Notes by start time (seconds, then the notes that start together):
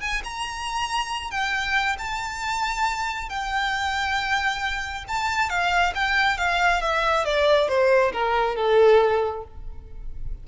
0.00 G#5
0.24 A#5
1.30 G5
1.98 A5
3.29 G5
5.08 A5
5.49 F5
5.95 G5
6.37 F5
6.81 E5
7.25 D5
7.68 C5
8.12 A#4
8.56 A4